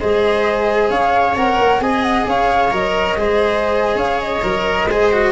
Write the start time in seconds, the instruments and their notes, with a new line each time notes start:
0.00 tuba G#3, cello G#4, viola C5, flute D#5
0.90 tuba C#4, viola C#5, flute F5
1.36 tuba C4, cello A#4, flute F#5
1.59 tuba A#3
1.80 tuba C4, cello G#4, viola D#5, flute G#5
2.03 flute F#5
2.27 tuba C#4, viola C#5, flute F5
2.71 tuba F#3, cello A#4, flute D#5
3.16 tuba G#3, cello G#4, viola C5
3.95 tuba C#4, viola C#5, flute F5
4.21 flute D#5
4.42 tuba F#3, cello A#4
4.88 tuba G#3, cello G#4, viola C5
5.12 cello F#4